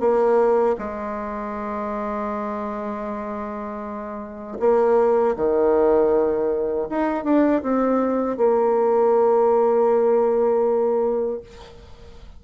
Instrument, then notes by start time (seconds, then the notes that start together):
bassoon
0.00 A#3
0.79 G#3
4.60 A#3
5.36 D#3
6.90 D#4
7.24 D4
7.63 C4
8.37 A#3